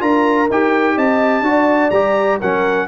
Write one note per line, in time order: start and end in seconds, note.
0.00 0.49 D4
0.00 0.48 F4
0.00 0.95 A#4
0.00 0.49 A#5
0.50 0.97 D#4
0.50 1.44 G4
0.50 0.98 G5
0.95 1.42 C4
0.95 1.43 D#5
0.95 1.90 A5
1.42 1.89 D4
1.42 1.91 F#4
1.42 2.40 D5
1.90 2.39 G3
1.90 2.41 G4
1.90 2.38 A#5
2.40 2.88 F#3
2.40 2.88 C#4
2.40 2.88 A#4
2.40 2.88 F#5